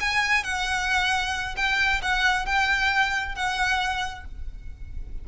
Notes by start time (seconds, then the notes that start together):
0.00 G#5
0.44 F#5
1.57 G5
2.02 F#5
2.46 G5
3.35 F#5